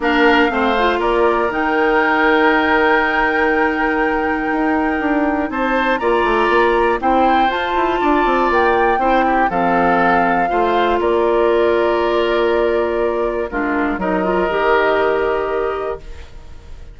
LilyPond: <<
  \new Staff \with { instrumentName = "flute" } { \time 4/4 \tempo 4 = 120 f''2 d''4 g''4~ | g''1~ | g''2. a''4 | ais''2 g''4 a''4~ |
a''4 g''2 f''4~ | f''2 d''2~ | d''2. ais'4 | dis''1 | }
  \new Staff \with { instrumentName = "oboe" } { \time 4/4 ais'4 c''4 ais'2~ | ais'1~ | ais'2. c''4 | d''2 c''2 |
d''2 c''8 g'8 a'4~ | a'4 c''4 ais'2~ | ais'2. f'4 | ais'1 | }
  \new Staff \with { instrumentName = "clarinet" } { \time 4/4 d'4 c'8 f'4. dis'4~ | dis'1~ | dis'1 | f'2 e'4 f'4~ |
f'2 e'4 c'4~ | c'4 f'2.~ | f'2. d'4 | dis'8 f'8 g'2. | }
  \new Staff \with { instrumentName = "bassoon" } { \time 4/4 ais4 a4 ais4 dis4~ | dis1~ | dis4 dis'4 d'4 c'4 | ais8 a8 ais4 c'4 f'8 e'8 |
d'8 c'8 ais4 c'4 f4~ | f4 a4 ais2~ | ais2. gis4 | fis4 dis2. | }
>>